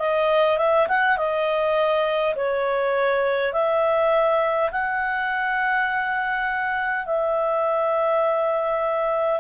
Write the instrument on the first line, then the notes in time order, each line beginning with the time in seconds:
clarinet
0.00 D#5
0.58 E5
0.88 F#5
1.18 D#5
2.36 C#5
3.53 E5
4.72 F#5
7.06 E5